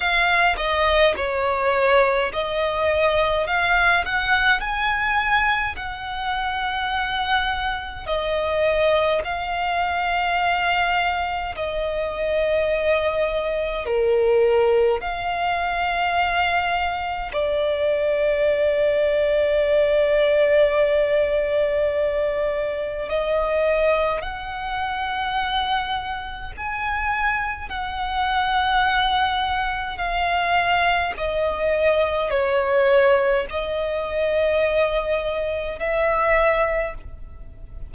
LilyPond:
\new Staff \with { instrumentName = "violin" } { \time 4/4 \tempo 4 = 52 f''8 dis''8 cis''4 dis''4 f''8 fis''8 | gis''4 fis''2 dis''4 | f''2 dis''2 | ais'4 f''2 d''4~ |
d''1 | dis''4 fis''2 gis''4 | fis''2 f''4 dis''4 | cis''4 dis''2 e''4 | }